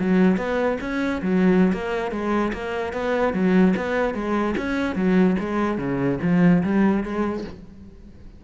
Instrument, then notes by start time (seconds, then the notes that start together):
cello
0.00 F#3
0.37 B3
0.81 C#4
1.22 F#3
1.73 A#3
2.12 G#3
2.53 A#3
2.94 B3
3.34 F#3
3.77 B3
4.15 G#3
4.58 C#4
4.96 F#3
5.40 G#3
5.78 C#3
6.23 F3
6.64 G3
7.04 G#3